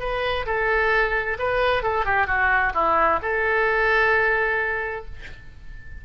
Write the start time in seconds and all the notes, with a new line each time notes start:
0.00 B4
0.46 A4
1.39 B4
1.83 A4
2.06 G4
2.27 F#4
2.74 E4
3.22 A4